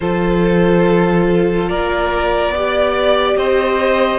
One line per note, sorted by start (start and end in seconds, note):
0.00 1.69 F3
0.00 2.54 F4
0.00 1.69 A4
0.00 1.68 C5
1.68 2.49 A#3
1.68 2.54 A#4
1.68 3.37 D5
2.49 3.34 B3
2.49 4.18 G4
2.49 3.37 D5
3.37 4.18 C4
3.37 4.18 C5
3.37 4.18 D#5